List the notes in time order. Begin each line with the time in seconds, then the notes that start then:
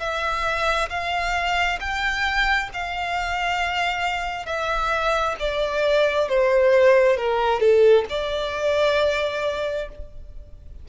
0.00 E5
0.90 F5
1.80 G5
2.74 F5
4.46 E5
5.40 D5
6.29 C5
7.18 A#4
7.61 A4
8.10 D5